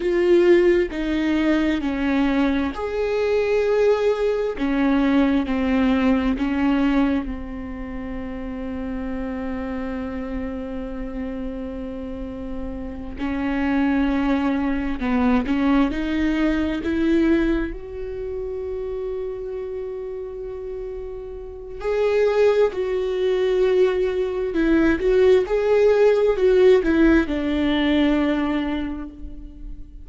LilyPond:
\new Staff \with { instrumentName = "viola" } { \time 4/4 \tempo 4 = 66 f'4 dis'4 cis'4 gis'4~ | gis'4 cis'4 c'4 cis'4 | c'1~ | c'2~ c'8 cis'4.~ |
cis'8 b8 cis'8 dis'4 e'4 fis'8~ | fis'1 | gis'4 fis'2 e'8 fis'8 | gis'4 fis'8 e'8 d'2 | }